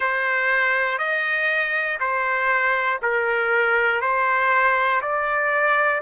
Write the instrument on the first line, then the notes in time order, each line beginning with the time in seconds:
trumpet
0.00 C5
0.98 D#5
2.00 C5
3.01 A#4
4.00 C5
5.01 D5